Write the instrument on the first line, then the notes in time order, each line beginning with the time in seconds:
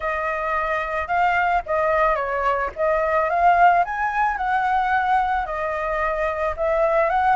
flute
0.00 D#5
1.07 F5
1.65 D#5
2.15 C#5
2.76 D#5
3.29 F5
3.84 G#5
4.37 F#5
5.45 D#5
6.56 E5
7.09 F#5